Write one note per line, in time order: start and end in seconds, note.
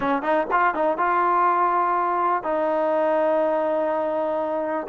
0.00 0.22 C#4
0.22 0.47 D#4
0.51 0.74 F4
0.74 0.97 D#4
0.97 2.43 F4
2.43 4.87 D#4